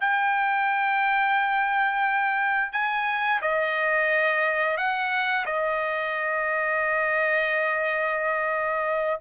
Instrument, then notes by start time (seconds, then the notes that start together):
trumpet
0.00 G5
2.72 G#5
3.42 D#5
4.77 F#5
5.45 D#5